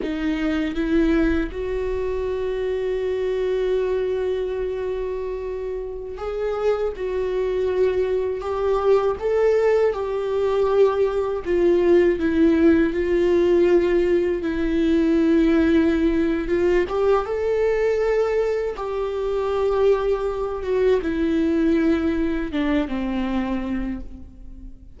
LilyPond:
\new Staff \with { instrumentName = "viola" } { \time 4/4 \tempo 4 = 80 dis'4 e'4 fis'2~ | fis'1~ | fis'16 gis'4 fis'2 g'8.~ | g'16 a'4 g'2 f'8.~ |
f'16 e'4 f'2 e'8.~ | e'2 f'8 g'8 a'4~ | a'4 g'2~ g'8 fis'8 | e'2 d'8 c'4. | }